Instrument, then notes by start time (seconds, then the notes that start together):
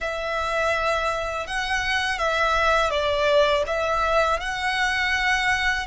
violin
0.00 E5
1.46 F#5
2.18 E5
2.90 D5
3.66 E5
4.40 F#5